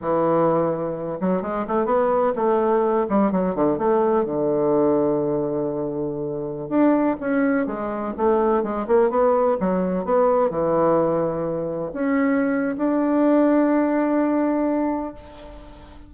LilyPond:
\new Staff \with { instrumentName = "bassoon" } { \time 4/4 \tempo 4 = 127 e2~ e8 fis8 gis8 a8 | b4 a4. g8 fis8 d8 | a4 d2.~ | d2~ d16 d'4 cis'8.~ |
cis'16 gis4 a4 gis8 ais8 b8.~ | b16 fis4 b4 e4.~ e16~ | e4~ e16 cis'4.~ cis'16 d'4~ | d'1 | }